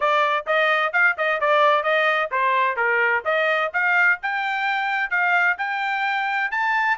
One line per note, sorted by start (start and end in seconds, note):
0.00 0.45 D5
0.46 0.92 D#5
0.92 1.15 F5
1.17 1.40 D#5
1.40 1.83 D5
1.83 2.29 D#5
2.31 2.76 C5
2.76 3.23 A#4
3.25 3.71 D#5
3.73 4.19 F5
4.22 5.10 G5
5.10 5.57 F5
5.58 6.51 G5
6.51 6.97 A5